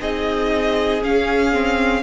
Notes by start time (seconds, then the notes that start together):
0.00 C4 D#4 G#4 D#5
1.03 C#4 F5
1.53 C4